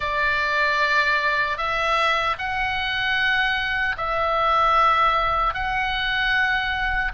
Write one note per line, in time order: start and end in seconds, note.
0.00 1.57 D5
1.57 2.36 E5
2.38 3.96 F#5
3.97 5.54 E5
5.54 7.12 F#5